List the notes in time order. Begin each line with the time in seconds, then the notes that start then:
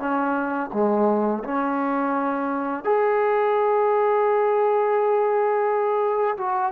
0.00 C#4
0.73 G#3
1.44 C#4
2.85 G#4
6.38 F#4